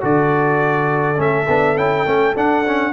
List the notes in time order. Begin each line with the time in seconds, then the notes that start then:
0.00 D3 F#4 A4 D5
1.15 A3 C#4 E5
1.47 B3 D4
1.76 C#4 E4 G5
2.06 A3 C#4
2.36 D4 F#5
2.66 C#4